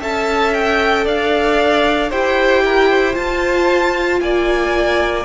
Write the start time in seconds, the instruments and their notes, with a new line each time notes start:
0.00 cello C#4, viola A4, violin E5 A5
0.54 violin G5
1.05 cello D4, violin D5 F5
2.10 cello E4, viola G4, violin C5 G5
2.65 violin A#4
2.89 violin C5
3.14 viola F4, cello F4, violin A5
4.20 cello A#3, violin D5 G#5